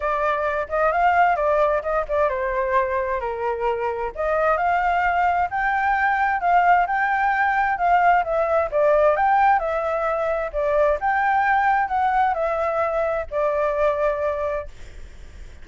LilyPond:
\new Staff \with { instrumentName = "flute" } { \time 4/4 \tempo 4 = 131 d''4. dis''8 f''4 d''4 | dis''8 d''8 c''2 ais'4~ | ais'4 dis''4 f''2 | g''2 f''4 g''4~ |
g''4 f''4 e''4 d''4 | g''4 e''2 d''4 | g''2 fis''4 e''4~ | e''4 d''2. | }